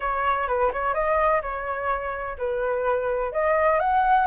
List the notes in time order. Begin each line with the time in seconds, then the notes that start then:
0.00 C#5
0.47 B4
0.73 C#5
0.94 D#5
1.42 C#5
2.38 B4
3.32 D#5
3.79 F#5